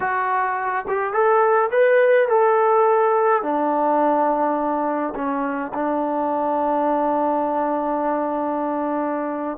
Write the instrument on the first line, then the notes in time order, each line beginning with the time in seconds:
trombone
0.00 F#4
0.88 G4
1.13 A4
1.71 B4
2.28 A4
3.42 D4
5.15 C#4
5.74 D4